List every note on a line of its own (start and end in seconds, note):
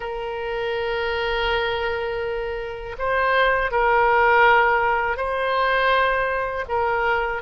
0.00 2.96 A#4
2.98 3.71 C5
3.71 5.16 A#4
5.16 6.65 C5
6.68 7.42 A#4